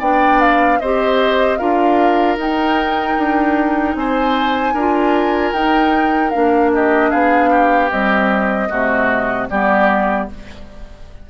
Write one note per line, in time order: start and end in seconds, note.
0.00 0.80 B3
0.00 0.80 D4
0.00 0.79 D5
0.00 0.40 G5
0.41 0.80 F5
0.80 1.61 C4
0.80 1.59 G4
0.80 1.59 C5
0.80 1.58 D#5
1.58 2.37 D4
1.58 2.38 F4
1.58 3.96 A#4
1.58 2.37 F5
2.37 3.16 D#4
2.37 4.75 D#4
2.37 3.96 G5
3.18 3.95 D4
3.95 4.74 C4
3.95 4.74 C5
3.95 5.53 G#5
4.74 5.52 D4
4.74 5.55 F4
4.74 6.71 A#4
5.53 6.32 D#4
5.53 6.33 D#4
5.53 6.31 G5
6.31 7.12 A#3
6.31 7.90 D4
6.31 6.70 F5
6.74 7.11 G4
6.74 7.11 D#5
7.11 7.91 B3
7.11 7.50 G#4
7.11 7.90 F5
7.50 8.69 G4
7.90 8.69 G3
7.90 8.70 C4
7.90 9.49 D#5
8.69 9.50 C3
8.69 9.49 A3
8.69 9.48 F#4
9.50 10.30 G3
9.50 10.30 B3
9.50 10.30 G4
9.50 10.29 D5